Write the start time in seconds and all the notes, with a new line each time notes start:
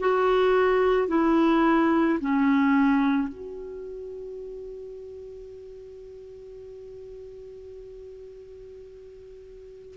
0.00 F#4
1.08 E4
2.20 C#4
3.28 F#4